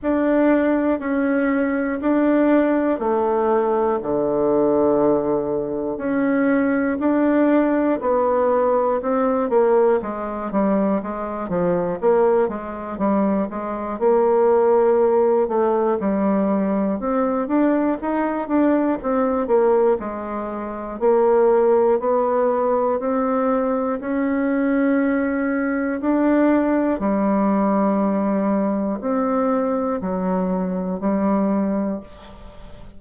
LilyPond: \new Staff \with { instrumentName = "bassoon" } { \time 4/4 \tempo 4 = 60 d'4 cis'4 d'4 a4 | d2 cis'4 d'4 | b4 c'8 ais8 gis8 g8 gis8 f8 | ais8 gis8 g8 gis8 ais4. a8 |
g4 c'8 d'8 dis'8 d'8 c'8 ais8 | gis4 ais4 b4 c'4 | cis'2 d'4 g4~ | g4 c'4 fis4 g4 | }